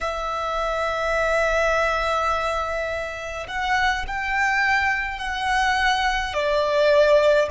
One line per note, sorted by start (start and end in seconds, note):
0.00 3.46 E5
3.47 4.05 F#5
4.07 5.18 G5
5.18 6.33 F#5
6.33 7.48 D5